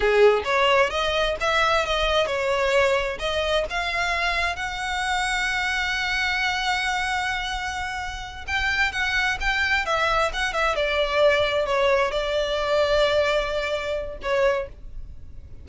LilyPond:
\new Staff \with { instrumentName = "violin" } { \time 4/4 \tempo 4 = 131 gis'4 cis''4 dis''4 e''4 | dis''4 cis''2 dis''4 | f''2 fis''2~ | fis''1~ |
fis''2~ fis''8 g''4 fis''8~ | fis''8 g''4 e''4 fis''8 e''8 d''8~ | d''4. cis''4 d''4.~ | d''2. cis''4 | }